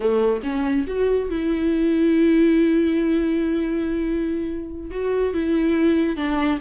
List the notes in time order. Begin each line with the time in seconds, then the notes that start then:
0.00 A3
0.43 C#4
0.87 F#4
1.30 E4
4.91 F#4
5.33 E4
6.16 D4